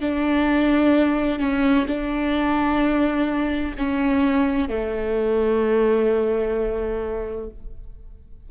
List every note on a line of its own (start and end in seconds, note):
0.00 1.39 D4
1.39 1.86 C#4
1.87 3.74 D4
3.77 4.68 C#4
4.68 7.50 A3